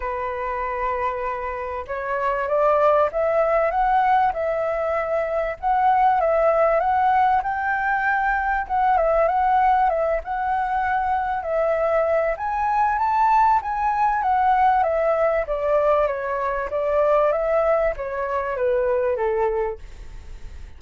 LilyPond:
\new Staff \with { instrumentName = "flute" } { \time 4/4 \tempo 4 = 97 b'2. cis''4 | d''4 e''4 fis''4 e''4~ | e''4 fis''4 e''4 fis''4 | g''2 fis''8 e''8 fis''4 |
e''8 fis''2 e''4. | gis''4 a''4 gis''4 fis''4 | e''4 d''4 cis''4 d''4 | e''4 cis''4 b'4 a'4 | }